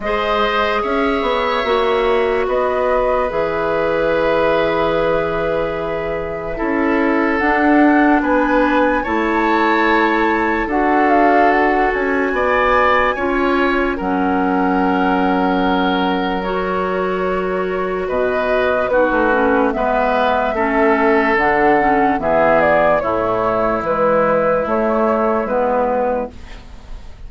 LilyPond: <<
  \new Staff \with { instrumentName = "flute" } { \time 4/4 \tempo 4 = 73 dis''4 e''2 dis''4 | e''1~ | e''4 fis''4 gis''4 a''4~ | a''4 fis''8 f''8 fis''8 gis''4.~ |
gis''4 fis''2. | cis''2 dis''4 b'4 | e''2 fis''4 e''8 d''8 | cis''4 b'4 cis''4 b'4 | }
  \new Staff \with { instrumentName = "oboe" } { \time 4/4 c''4 cis''2 b'4~ | b'1 | a'2 b'4 cis''4~ | cis''4 a'2 d''4 |
cis''4 ais'2.~ | ais'2 b'4 fis'4 | b'4 a'2 gis'4 | e'1 | }
  \new Staff \with { instrumentName = "clarinet" } { \time 4/4 gis'2 fis'2 | gis'1 | e'4 d'2 e'4~ | e'4 fis'2. |
f'4 cis'2. | fis'2. dis'8 cis'8 | b4 cis'4 d'8 cis'8 b4 | a4 gis4 a4 b4 | }
  \new Staff \with { instrumentName = "bassoon" } { \time 4/4 gis4 cis'8 b8 ais4 b4 | e1 | cis'4 d'4 b4 a4~ | a4 d'4. cis'8 b4 |
cis'4 fis2.~ | fis2 b,4 b16 a8. | gis4 a4 d4 e4 | a,4 e4 a4 gis4 | }
>>